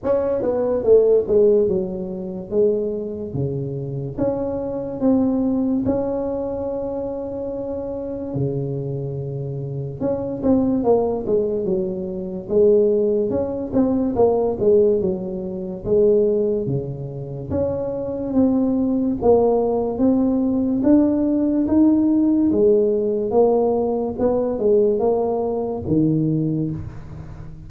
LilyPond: \new Staff \with { instrumentName = "tuba" } { \time 4/4 \tempo 4 = 72 cis'8 b8 a8 gis8 fis4 gis4 | cis4 cis'4 c'4 cis'4~ | cis'2 cis2 | cis'8 c'8 ais8 gis8 fis4 gis4 |
cis'8 c'8 ais8 gis8 fis4 gis4 | cis4 cis'4 c'4 ais4 | c'4 d'4 dis'4 gis4 | ais4 b8 gis8 ais4 dis4 | }